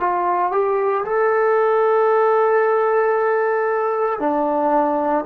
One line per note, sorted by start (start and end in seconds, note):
0.00 0.52 F4
0.52 1.04 G4
1.05 4.19 A4
4.19 5.24 D4